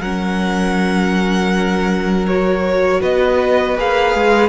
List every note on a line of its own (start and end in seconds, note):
0.00 3.01 F#3
0.00 2.28 C#4
0.00 3.00 A#4
0.00 2.26 F#5
2.27 3.77 F#4
2.27 3.02 C#5
3.00 3.77 B3
3.00 4.48 B4
3.00 3.77 D#5
3.77 4.14 A#3
3.77 4.48 G#4
3.77 4.48 F5
4.14 4.48 G#3